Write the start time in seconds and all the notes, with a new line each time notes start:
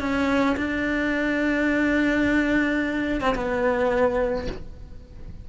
0.00 C#4
0.57 D4
3.21 C4
3.35 B3